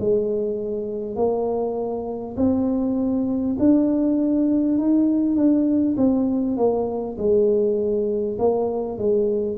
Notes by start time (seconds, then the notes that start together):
0.00 G#3
1.16 A#3
2.37 C4
3.59 D4
4.78 D#4
5.36 D4
5.97 C4
6.58 A#3
7.18 G#3
8.39 A#3
8.99 G#3